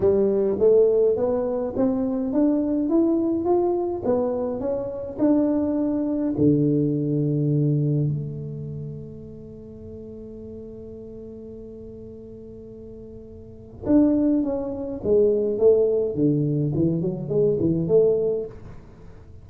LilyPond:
\new Staff \with { instrumentName = "tuba" } { \time 4/4 \tempo 4 = 104 g4 a4 b4 c'4 | d'4 e'4 f'4 b4 | cis'4 d'2 d4~ | d2 a2~ |
a1~ | a1 | d'4 cis'4 gis4 a4 | d4 e8 fis8 gis8 e8 a4 | }